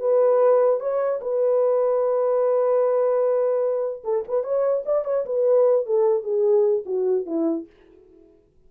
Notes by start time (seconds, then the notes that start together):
0.00 B4
0.80 C#5
1.22 B4
4.05 A4
4.28 B4
4.44 C#5
4.86 D5
5.05 C#5
5.26 B4
5.86 A4
6.24 G#4
6.86 F#4
7.26 E4